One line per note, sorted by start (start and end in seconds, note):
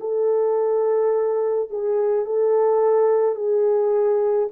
0.00 1.69 A4
1.69 2.25 G#4
2.25 3.35 A4
3.35 4.48 G#4